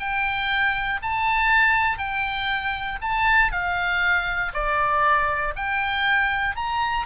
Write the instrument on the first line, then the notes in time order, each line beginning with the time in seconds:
oboe
0.00 G5
1.02 A5
1.99 G5
3.02 A5
3.52 F5
4.54 D5
5.56 G5
6.56 A#5